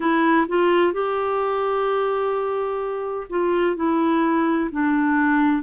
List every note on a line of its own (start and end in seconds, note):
0.00 0.46 E4
0.47 0.92 F4
0.92 3.27 G4
3.29 3.76 F4
3.76 4.70 E4
4.71 5.62 D4